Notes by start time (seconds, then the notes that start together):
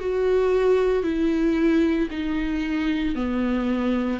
0.00 F#4
1.03 E4
2.11 D#4
3.15 B3